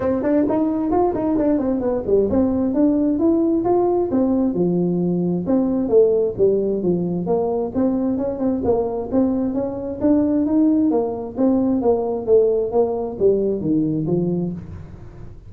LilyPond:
\new Staff \with { instrumentName = "tuba" } { \time 4/4 \tempo 4 = 132 c'8 d'8 dis'4 f'8 dis'8 d'8 c'8 | b8 g8 c'4 d'4 e'4 | f'4 c'4 f2 | c'4 a4 g4 f4 |
ais4 c'4 cis'8 c'8 ais4 | c'4 cis'4 d'4 dis'4 | ais4 c'4 ais4 a4 | ais4 g4 dis4 f4 | }